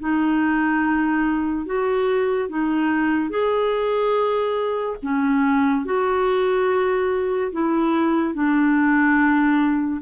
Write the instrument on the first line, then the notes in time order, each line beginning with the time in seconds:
clarinet
0.00 D#4
1.66 F#4
2.49 D#4
3.30 G#4
5.03 C#4
5.85 F#4
7.52 E4
8.34 D4